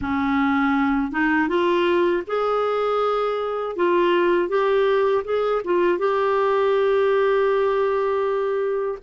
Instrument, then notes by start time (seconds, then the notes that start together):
clarinet
0.01 C#4
1.11 D#4
1.48 F4
2.26 G#4
3.76 F4
4.48 G4
5.24 G#4
5.64 F4
5.98 G4